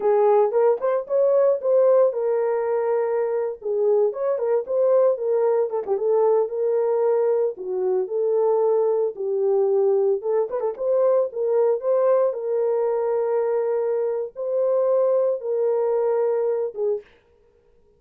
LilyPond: \new Staff \with { instrumentName = "horn" } { \time 4/4 \tempo 4 = 113 gis'4 ais'8 c''8 cis''4 c''4 | ais'2~ ais'8. gis'4 cis''16~ | cis''16 ais'8 c''4 ais'4 a'16 g'16 a'8.~ | a'16 ais'2 fis'4 a'8.~ |
a'4~ a'16 g'2 a'8 b'16 | a'16 c''4 ais'4 c''4 ais'8.~ | ais'2. c''4~ | c''4 ais'2~ ais'8 gis'8 | }